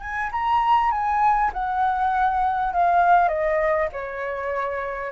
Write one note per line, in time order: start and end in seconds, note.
0.00 0.30 G#5
0.31 0.91 A#5
0.91 1.51 G#5
1.53 2.73 F#5
2.73 3.28 F5
3.28 3.88 D#5
3.92 5.11 C#5